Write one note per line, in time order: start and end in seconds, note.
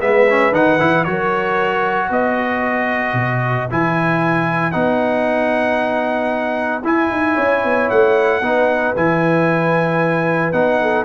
0.00 0.52 G#3
0.00 0.26 B3
0.00 1.06 B4
0.00 0.53 E5
0.29 0.53 C#4
0.52 0.78 D#3
0.52 0.79 D#4
0.52 1.04 F#5
0.79 1.05 E3
0.79 1.05 E4
1.04 2.10 F#3
1.04 3.69 F#4
1.04 2.09 A#4
1.04 2.09 C#5
2.09 3.13 B3
2.09 7.34 B4
2.09 3.70 D#5
3.13 3.66 B2
3.70 4.74 E3
3.70 4.72 E4
3.70 4.71 G#5
4.71 6.83 B3
4.71 6.82 D#4
4.71 6.82 F#5
6.83 7.10 E4
6.83 8.42 E4
6.83 7.89 G#5
7.10 7.36 D#4
7.34 7.64 C#4
7.34 8.39 C#5
7.64 7.90 B3
7.89 8.41 A3
7.89 8.95 F#5
8.41 8.94 B3
8.41 8.95 D#4
8.41 10.81 B4
8.96 10.53 E3
8.96 10.53 E4
8.96 10.52 G#5
10.52 11.05 B3
10.52 11.05 D#4
10.52 11.05 F#5
10.81 11.05 A4